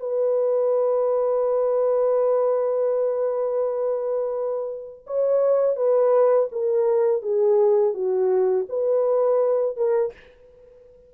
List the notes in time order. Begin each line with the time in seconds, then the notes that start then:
0.00 B4
5.07 C#5
5.76 B4
6.52 A#4
7.22 G#4
7.94 F#4
8.69 B4
9.77 A#4